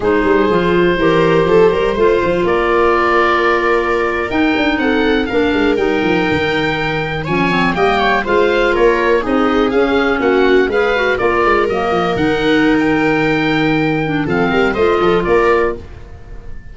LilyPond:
<<
  \new Staff \with { instrumentName = "oboe" } { \time 4/4 \tempo 4 = 122 c''1~ | c''4 d''2.~ | d''8. g''4 fis''4 f''4 g''16~ | g''2~ g''8. gis''4 g''16~ |
g''8. f''4 cis''4 dis''4 f''16~ | f''8. fis''4 f''4 d''4 dis''16~ | dis''8. fis''4~ fis''16 g''2~ | g''4 f''4 dis''4 d''4 | }
  \new Staff \with { instrumentName = "viola" } { \time 4/4 gis'2 ais'4 a'8 ais'8 | c''4 ais'2.~ | ais'4.~ ais'16 a'4 ais'4~ ais'16~ | ais'2~ ais'8. cis''4 dis''16~ |
dis''16 cis''8 c''4 ais'4 gis'4~ gis'16~ | gis'8. fis'4 b'4 ais'4~ ais'16~ | ais'1~ | ais'4 a'8 ais'8 c''8 a'8 ais'4 | }
  \new Staff \with { instrumentName = "clarinet" } { \time 4/4 dis'4 f'4 g'2 | f'1~ | f'8. dis'2 d'4 dis'16~ | dis'2~ dis'8. cis'8 c'8 ais16~ |
ais8. f'2 dis'4 cis'16~ | cis'4.~ cis'16 gis'8 fis'8 f'4 ais16~ | ais8. dis'2.~ dis'16~ | dis'8 d'8 c'4 f'2 | }
  \new Staff \with { instrumentName = "tuba" } { \time 4/4 gis8 g8 f4 e4 f8 g8 | a8 f8 ais2.~ | ais8. dis'8 d'8 c'4 ais8 gis8 g16~ | g16 f8 dis2 f4 g16~ |
g8. gis4 ais4 c'4 cis'16~ | cis'8. ais4 gis4 ais8 gis8 fis16~ | fis16 f8 dis2.~ dis16~ | dis4 f8 g8 a8 f8 ais4 | }
>>